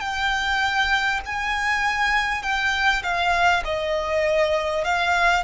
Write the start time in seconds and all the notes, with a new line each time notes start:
0.00 G5
1.25 G#5
2.43 G5
3.03 F5
3.64 D#5
4.84 F5